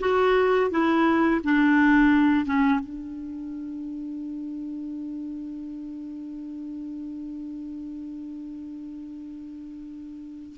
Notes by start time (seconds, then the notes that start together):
0.00 F#4
0.71 E4
1.44 D4
2.45 C#4
2.80 D4